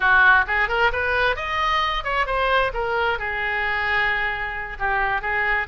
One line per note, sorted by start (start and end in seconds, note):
0.00 0.45 F#4
0.47 0.68 G#4
0.68 0.91 A#4
0.92 1.36 B4
1.36 2.04 D#5
2.04 2.26 C#5
2.26 2.71 C5
2.73 3.18 A#4
3.18 4.77 G#4
4.79 5.21 G4
5.21 5.67 G#4